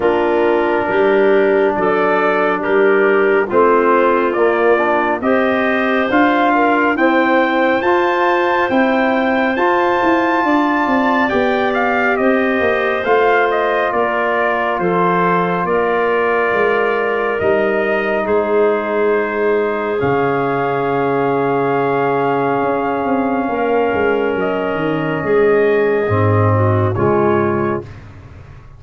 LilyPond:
<<
  \new Staff \with { instrumentName = "trumpet" } { \time 4/4 \tempo 4 = 69 ais'2 d''4 ais'4 | c''4 d''4 dis''4 f''4 | g''4 a''4 g''4 a''4~ | a''4 g''8 f''8 dis''4 f''8 dis''8 |
d''4 c''4 d''2 | dis''4 c''2 f''4~ | f''1 | dis''2. cis''4 | }
  \new Staff \with { instrumentName = "clarinet" } { \time 4/4 f'4 g'4 a'4 g'4 | f'2 c''4. ais'8 | c''1 | d''2 c''2 |
ais'4 a'4 ais'2~ | ais'4 gis'2.~ | gis'2. ais'4~ | ais'4 gis'4. fis'8 f'4 | }
  \new Staff \with { instrumentName = "trombone" } { \time 4/4 d'1 | c'4 ais8 d'8 g'4 f'4 | c'4 f'4 e'4 f'4~ | f'4 g'2 f'4~ |
f'1 | dis'2. cis'4~ | cis'1~ | cis'2 c'4 gis4 | }
  \new Staff \with { instrumentName = "tuba" } { \time 4/4 ais4 g4 fis4 g4 | a4 ais4 c'4 d'4 | e'4 f'4 c'4 f'8 e'8 | d'8 c'8 b4 c'8 ais8 a4 |
ais4 f4 ais4 gis4 | g4 gis2 cis4~ | cis2 cis'8 c'8 ais8 gis8 | fis8 dis8 gis4 gis,4 cis4 | }
>>